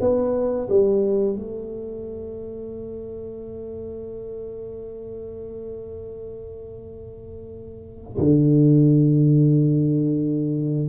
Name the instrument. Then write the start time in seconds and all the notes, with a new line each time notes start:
tuba
0.00 B3
0.69 G3
1.35 A3
8.18 D3